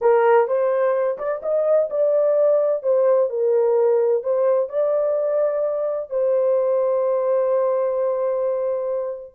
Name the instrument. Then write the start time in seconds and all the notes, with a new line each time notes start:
horn
0.01 A#4
0.47 C5
1.18 D5
1.42 D#5
1.90 D5
2.82 C5
3.29 A#4
4.23 C5
4.69 D5
6.10 C5